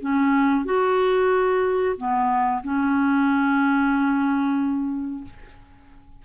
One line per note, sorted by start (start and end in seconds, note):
0.00 0.65 C#4
0.65 1.95 F#4
1.97 2.62 B3
2.63 5.24 C#4